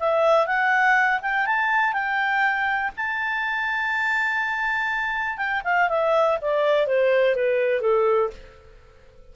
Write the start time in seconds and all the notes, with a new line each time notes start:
0.00 E5
0.47 F#5
1.22 G5
1.46 A5
1.93 G5
2.97 A5
5.37 G5
5.64 F5
5.89 E5
6.42 D5
6.87 C5
7.36 B4
7.81 A4